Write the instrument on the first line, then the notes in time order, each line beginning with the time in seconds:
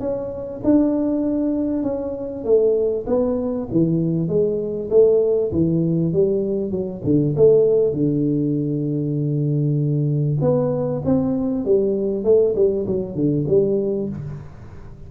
tuba
0.00 C#4
0.64 D4
1.83 C#4
2.44 A3
3.07 B3
3.72 E3
4.28 G#3
4.90 A3
5.52 E3
6.13 G3
6.71 F#3
7.05 D3
7.36 A3
7.93 D3
10.41 B3
11.05 C4
11.65 G3
12.24 A3
12.56 G3
12.87 F#3
13.15 D3
13.48 G3